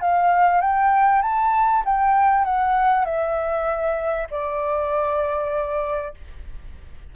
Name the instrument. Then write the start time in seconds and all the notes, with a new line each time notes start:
flute
0.00 F5
0.61 G5
1.21 A5
1.85 G5
2.44 F#5
3.04 E5
4.30 D5